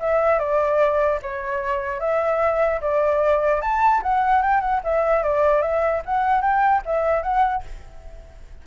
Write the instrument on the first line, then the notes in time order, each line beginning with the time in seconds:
flute
0.00 E5
0.39 D5
1.22 C#5
2.00 E5
2.81 D5
3.61 A5
4.03 F#5
4.42 G5
4.61 F#5
4.84 E5
5.23 D5
5.62 E5
6.05 F#5
6.41 G5
6.85 E5
7.23 F#5